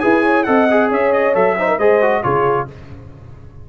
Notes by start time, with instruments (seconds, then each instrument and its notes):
0.00 tuba E4, trombone G#4, horn B4, trumpet G#5
0.22 horn C#5
0.44 tuba C4, trombone A4, horn D#5, trumpet F#5
0.70 trombone G#4
0.89 tuba C#4, horn C#5, trumpet E5
1.12 trumpet D#5
1.34 tuba F#3, trombone A4, trumpet E5
1.58 trombone D#4, horn C5
1.69 horn A#4
1.78 tuba G#3, trombone G#4, horn C5, trumpet D#5
2.02 trombone F#4
2.23 tuba C#3, trombone F4, horn G#4, trumpet C#5